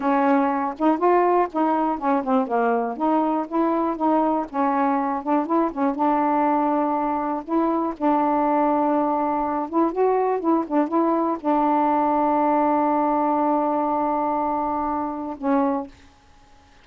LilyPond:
\new Staff \with { instrumentName = "saxophone" } { \time 4/4 \tempo 4 = 121 cis'4. dis'8 f'4 dis'4 | cis'8 c'8 ais4 dis'4 e'4 | dis'4 cis'4. d'8 e'8 cis'8 | d'2. e'4 |
d'2.~ d'8 e'8 | fis'4 e'8 d'8 e'4 d'4~ | d'1~ | d'2. cis'4 | }